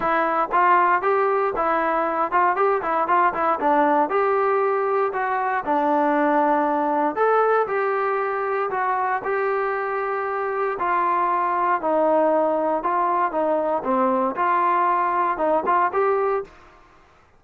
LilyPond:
\new Staff \with { instrumentName = "trombone" } { \time 4/4 \tempo 4 = 117 e'4 f'4 g'4 e'4~ | e'8 f'8 g'8 e'8 f'8 e'8 d'4 | g'2 fis'4 d'4~ | d'2 a'4 g'4~ |
g'4 fis'4 g'2~ | g'4 f'2 dis'4~ | dis'4 f'4 dis'4 c'4 | f'2 dis'8 f'8 g'4 | }